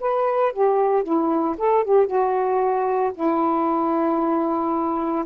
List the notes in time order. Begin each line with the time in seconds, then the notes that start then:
0.00 B4
0.52 G4
1.03 E4
1.57 A4
1.84 G4
2.06 F#4
3.14 E4